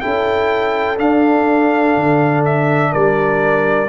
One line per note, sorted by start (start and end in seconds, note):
0.00 0.99 C#4
0.00 0.97 E4
0.00 2.92 A4
0.00 0.97 G5
0.97 3.87 D4
0.97 1.96 D4
0.97 2.44 F5
1.96 2.93 D3
2.45 2.93 E5
2.92 3.89 G3
2.92 3.88 A#4
2.92 3.89 D5